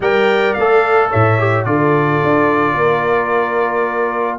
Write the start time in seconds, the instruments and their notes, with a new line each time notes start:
0.00 tuba G3, trombone A#4, horn D5, trumpet G5
0.53 tuba A3, trumpet F5
0.60 trombone A4
1.10 tuba A2, horn C#5, trumpet E5
1.38 trombone G4
1.64 tuba D3, trombone F4, horn A4, trumpet D5
2.23 tuba D4
2.74 tuba A#3, horn A#4